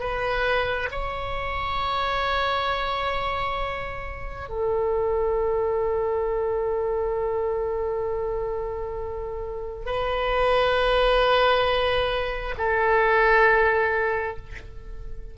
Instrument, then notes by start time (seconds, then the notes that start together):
oboe
0.00 B4
0.92 C#5
4.49 A4
9.87 B4
12.58 A4